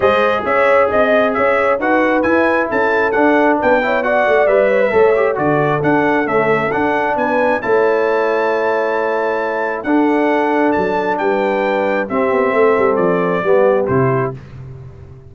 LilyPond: <<
  \new Staff \with { instrumentName = "trumpet" } { \time 4/4 \tempo 4 = 134 dis''4 e''4 dis''4 e''4 | fis''4 gis''4 a''4 fis''4 | g''4 fis''4 e''2 | d''4 fis''4 e''4 fis''4 |
gis''4 a''2.~ | a''2 fis''2 | a''4 g''2 e''4~ | e''4 d''2 c''4 | }
  \new Staff \with { instrumentName = "horn" } { \time 4/4 c''4 cis''4 dis''4 cis''4 | b'2 a'2 | b'8 cis''8 d''4. cis''16 b'16 cis''4 | a'1 |
b'4 cis''2.~ | cis''2 a'2~ | a'4 b'2 g'4 | a'2 g'2 | }
  \new Staff \with { instrumentName = "trombone" } { \time 4/4 gis'1 | fis'4 e'2 d'4~ | d'8 e'8 fis'4 b'4 a'8 g'8 | fis'4 d'4 a4 d'4~ |
d'4 e'2.~ | e'2 d'2~ | d'2. c'4~ | c'2 b4 e'4 | }
  \new Staff \with { instrumentName = "tuba" } { \time 4/4 gis4 cis'4 c'4 cis'4 | dis'4 e'4 cis'4 d'4 | b4. a8 g4 a4 | d4 d'4 cis'4 d'4 |
b4 a2.~ | a2 d'2 | fis4 g2 c'8 b8 | a8 g8 f4 g4 c4 | }
>>